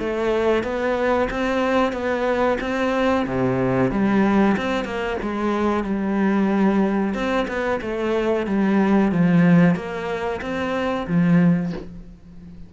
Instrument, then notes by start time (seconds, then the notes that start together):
cello
0.00 A3
0.64 B3
1.31 C4
1.93 B3
2.61 C4
3.27 C3
3.91 G3
4.57 C4
4.85 A#3
5.23 G#3
5.84 G3
7.14 C4
7.48 B3
7.82 A3
8.47 G3
9.12 F3
9.76 A#3
10.42 C4
11.08 F3